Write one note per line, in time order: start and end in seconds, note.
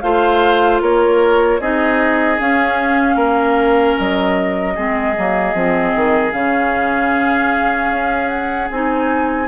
0.00 0.81 A3
0.00 1.60 F4
0.00 0.82 C5
0.00 0.79 F5
0.81 1.60 A#3
0.81 1.60 A#4
0.81 1.61 C#5
1.60 2.39 C4
1.60 2.38 D#4
1.60 3.15 G#4
1.60 2.39 D#5
2.38 4.75 C#4
2.38 3.15 C#4
2.38 3.98 F5
3.15 3.94 A#3
3.15 4.73 A#4
3.98 4.77 F#3
3.98 6.32 D#5
4.75 5.17 G#3
4.75 5.15 C4
4.75 9.47 G#4
5.17 5.54 F#3
5.17 5.55 A#3
5.54 5.94 F3
5.54 6.32 C4
5.95 6.33 D#3
6.32 7.90 C#3
6.32 8.69 C#4
6.32 8.28 F5
7.91 8.70 C#4
8.28 8.68 F#5
8.70 9.47 C4
8.70 9.47 D#4
8.70 9.47 G#5